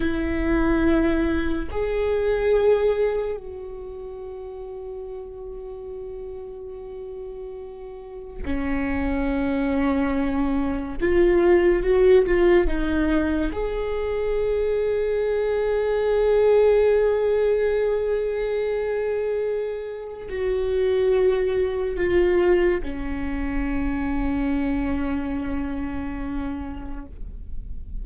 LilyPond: \new Staff \with { instrumentName = "viola" } { \time 4/4 \tempo 4 = 71 e'2 gis'2 | fis'1~ | fis'2 cis'2~ | cis'4 f'4 fis'8 f'8 dis'4 |
gis'1~ | gis'1 | fis'2 f'4 cis'4~ | cis'1 | }